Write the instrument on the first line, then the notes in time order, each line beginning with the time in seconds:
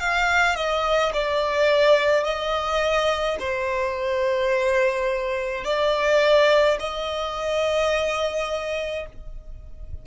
violin
0.00 F5
0.56 D#5
1.13 D5
2.24 D#5
3.40 C5
5.64 D5
6.80 D#5